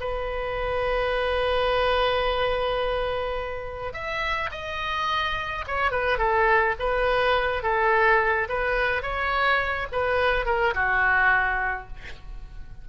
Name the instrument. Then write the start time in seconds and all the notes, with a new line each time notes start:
oboe
0.00 B4
3.93 E5
4.52 D#5
5.67 C#5
5.91 B4
6.18 A4
6.80 B4
7.63 A4
8.49 B4
9.03 C#5
9.92 B4
10.46 A#4
10.75 F#4